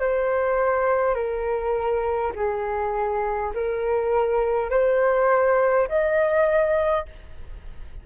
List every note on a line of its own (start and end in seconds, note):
0.00 1.15 C5
1.15 2.33 A#4
2.36 3.53 G#4
3.55 4.71 A#4
4.71 5.88 C5
5.89 7.06 D#5